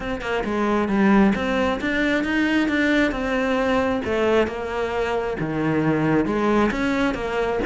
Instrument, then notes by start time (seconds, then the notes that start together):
cello
0.00 C4
0.21 A#3
0.44 G#3
0.88 G3
1.35 C4
1.81 D4
2.24 D#4
2.68 D4
3.11 C4
4.04 A3
4.47 A#3
5.39 D#3
6.25 G#3
6.71 C#4
7.14 A#3